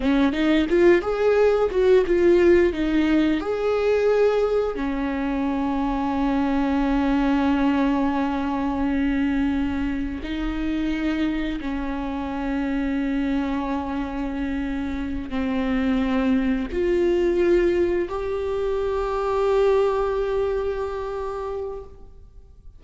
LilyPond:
\new Staff \with { instrumentName = "viola" } { \time 4/4 \tempo 4 = 88 cis'8 dis'8 f'8 gis'4 fis'8 f'4 | dis'4 gis'2 cis'4~ | cis'1~ | cis'2. dis'4~ |
dis'4 cis'2.~ | cis'2~ cis'8 c'4.~ | c'8 f'2 g'4.~ | g'1 | }